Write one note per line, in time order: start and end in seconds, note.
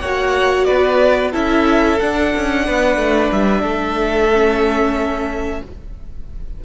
0.00 0.67 A#3
0.00 1.32 F#4
0.00 0.66 C#5
0.00 0.64 F#5
0.64 1.34 B3
0.64 1.31 B4
0.64 1.30 D5
1.31 2.00 C#4
1.31 1.98 E4
1.31 2.63 A4
1.31 1.99 E5
1.99 4.32 D4
1.99 2.34 D4
1.99 3.31 F#5
2.36 2.68 C#4
2.66 2.96 B3
2.66 3.60 B4
2.96 3.29 A3
3.31 3.63 G3
3.31 5.62 E5
3.60 5.61 A3
3.60 5.58 A4
4.32 5.64 C#4